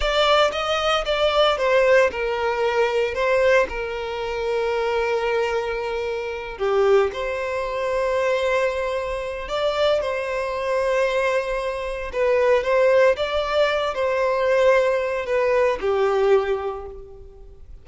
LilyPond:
\new Staff \with { instrumentName = "violin" } { \time 4/4 \tempo 4 = 114 d''4 dis''4 d''4 c''4 | ais'2 c''4 ais'4~ | ais'1~ | ais'8 g'4 c''2~ c''8~ |
c''2 d''4 c''4~ | c''2. b'4 | c''4 d''4. c''4.~ | c''4 b'4 g'2 | }